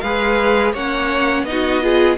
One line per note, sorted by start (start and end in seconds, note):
0.00 0.73 G#3
0.00 0.75 G#4
0.00 0.73 B4
0.00 0.72 F5
0.73 1.43 A#3
0.73 1.46 C#4
0.73 1.45 C#5
0.73 1.45 F#5
1.43 2.15 B3
1.43 1.81 D#4
1.43 2.17 D#5
1.51 1.83 F#4
1.81 2.17 F4
1.81 2.18 G#4